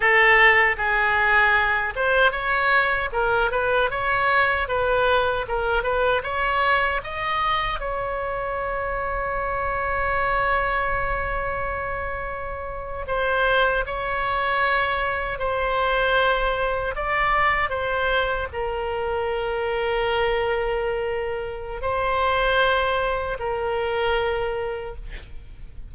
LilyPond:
\new Staff \with { instrumentName = "oboe" } { \time 4/4 \tempo 4 = 77 a'4 gis'4. c''8 cis''4 | ais'8 b'8 cis''4 b'4 ais'8 b'8 | cis''4 dis''4 cis''2~ | cis''1~ |
cis''8. c''4 cis''2 c''16~ | c''4.~ c''16 d''4 c''4 ais'16~ | ais'1 | c''2 ais'2 | }